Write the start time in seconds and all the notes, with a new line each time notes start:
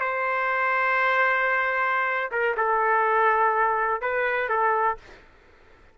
0.00 C5
2.31 A#4
2.57 A4
4.01 B4
4.49 A4